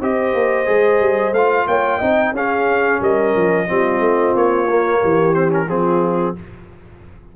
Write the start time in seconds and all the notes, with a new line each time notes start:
0.00 C4 G4 C5 D#5
0.34 A#3
0.66 G#3 G#4
1.00 G3
1.31 A3 F4 F5
1.67 A#3 C#5 G5
1.97 C4 D#4 D#5
2.31 C#4 G#4 F5
3.01 G3 A#4 D#5
3.36 F3
3.66 G3 C4 F4
4.00 A3
4.34 A#3 C#5
4.69 A#3
5.00 E3 G4
5.33 C4 C5
5.48 C#4 A#4
5.67 F3 C4 F4 G#4